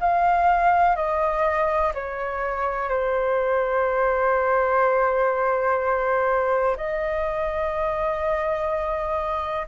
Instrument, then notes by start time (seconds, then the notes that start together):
flute
0.00 F5
0.96 D#5
1.94 C#5
2.89 C5
6.77 D#5